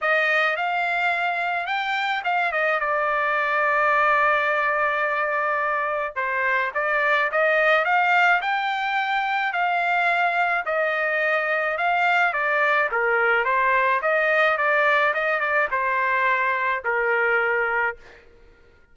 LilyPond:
\new Staff \with { instrumentName = "trumpet" } { \time 4/4 \tempo 4 = 107 dis''4 f''2 g''4 | f''8 dis''8 d''2.~ | d''2. c''4 | d''4 dis''4 f''4 g''4~ |
g''4 f''2 dis''4~ | dis''4 f''4 d''4 ais'4 | c''4 dis''4 d''4 dis''8 d''8 | c''2 ais'2 | }